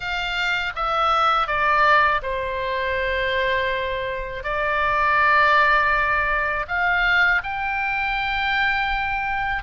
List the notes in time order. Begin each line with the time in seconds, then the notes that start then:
0.00 F5
0.75 E5
1.47 D5
2.22 C5
4.43 D5
6.68 F5
7.43 G5